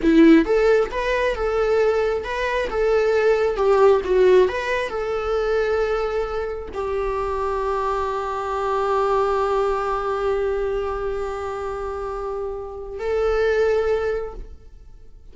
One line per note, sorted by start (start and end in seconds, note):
0.02 0.45 E4
0.45 0.90 A4
0.91 1.35 B4
1.35 2.23 A4
2.23 2.68 B4
2.69 3.56 A4
3.56 4.01 G4
4.04 4.48 F#4
4.48 4.89 B4
4.89 6.68 A4
6.74 12.99 G4
12.99 14.33 A4